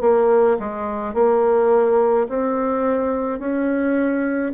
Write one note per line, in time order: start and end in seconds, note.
0.00 0.57 A#3
0.59 1.14 G#3
1.14 2.27 A#3
2.28 3.39 C4
3.39 4.52 C#4